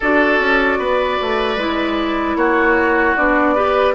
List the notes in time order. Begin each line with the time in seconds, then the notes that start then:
0.00 D4 F#4 A4 D5
0.39 C#4
0.78 B3 B4
1.21 A3
1.57 G#3 E4
2.35 A#3 F#4 C#5
3.16 B3 D4 D5
3.54 G4 B4